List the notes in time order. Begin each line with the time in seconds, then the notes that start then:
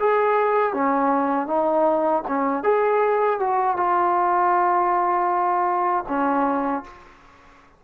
0.00 G#4
0.74 C#4
1.47 D#4
2.28 C#4
2.63 G#4
3.39 F#4
3.77 F4
6.08 C#4